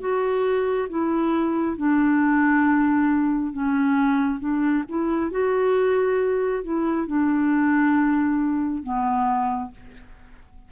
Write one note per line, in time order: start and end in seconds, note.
0.00 0.88 F#4
0.89 1.77 E4
1.77 3.53 D4
3.53 4.40 C#4
4.40 4.84 D4
4.89 5.31 E4
5.31 6.63 F#4
6.63 7.07 E4
7.07 8.83 D4
8.83 9.71 B3